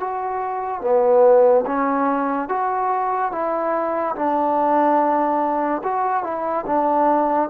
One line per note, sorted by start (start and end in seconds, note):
0.00 0.82 F#4
0.82 1.65 B3
1.67 2.49 C#4
2.49 3.32 F#4
3.32 4.16 E4
4.16 5.83 D4
5.84 6.24 F#4
6.24 6.66 E4
6.67 7.50 D4